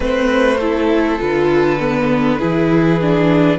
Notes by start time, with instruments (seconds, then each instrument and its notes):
0.00 cello A3, viola C4, violin B4 C5
0.58 viola E4, violin A4
1.19 cello D3, viola F4, violin B4
1.79 viola B3
2.39 cello E3, viola E4, violin G#4
3.01 viola D4